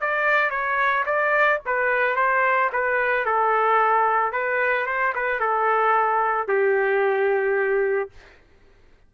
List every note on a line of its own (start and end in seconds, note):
0.00 0.50 D5
0.50 1.04 C#5
1.05 1.59 D5
1.66 2.16 B4
2.16 2.70 C5
2.72 3.25 B4
3.25 4.32 A4
4.32 4.86 B4
4.86 5.13 C5
5.15 5.39 B4
5.39 6.47 A4
6.48 8.10 G4